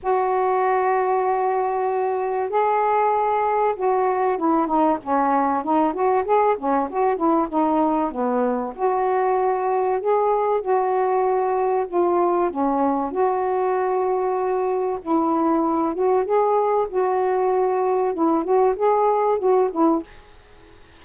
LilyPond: \new Staff \with { instrumentName = "saxophone" } { \time 4/4 \tempo 4 = 96 fis'1 | gis'2 fis'4 e'8 dis'8 | cis'4 dis'8 fis'8 gis'8 cis'8 fis'8 e'8 | dis'4 b4 fis'2 |
gis'4 fis'2 f'4 | cis'4 fis'2. | e'4. fis'8 gis'4 fis'4~ | fis'4 e'8 fis'8 gis'4 fis'8 e'8 | }